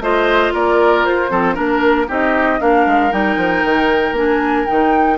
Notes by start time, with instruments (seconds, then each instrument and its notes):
0.00 bassoon A3, clarinet F4, oboe C5, flute D#5
0.53 bassoon A#3, oboe A#4, flute D5
1.05 bassoon F4, flute C5
1.30 bassoon F3, clarinet C4, oboe A4
1.54 bassoon A#3, clarinet D4, oboe A#4, flute A#4
2.08 bassoon C4, clarinet D#4, oboe G4, flute D#5
2.59 bassoon A#3, clarinet D4, oboe A#4, flute F5
2.86 bassoon G#3
3.11 bassoon G3, clarinet D#4, flute G5
3.37 bassoon F3
3.64 bassoon D#3
4.12 bassoon A#3, clarinet D4, flute G#5
4.66 bassoon D#3, clarinet D#4, flute G5